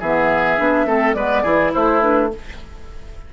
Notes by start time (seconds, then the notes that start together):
0.00 E3 B3 G#4 E5
0.58 B3 D4
0.86 A3 C4 A4
1.14 G#3 B3 B4 D5
1.43 E3 E4 G#4
1.74 A3 E4 C5
2.01 D4 B4